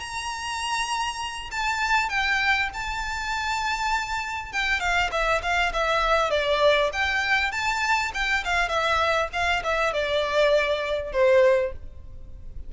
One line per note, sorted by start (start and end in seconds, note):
0.00 1.50 A#5
1.51 2.09 A5
2.09 2.69 G5
2.74 4.52 A5
4.52 4.80 G5
4.80 5.10 F5
5.12 5.42 E5
5.42 5.72 F5
5.74 6.31 E5
6.31 6.91 D5
6.93 7.52 G5
7.52 8.12 A5
8.14 8.44 G5
8.44 8.69 F5
8.69 9.29 E5
9.33 9.63 F5
9.64 9.93 E5
9.93 11.12 D5
11.12 11.72 C5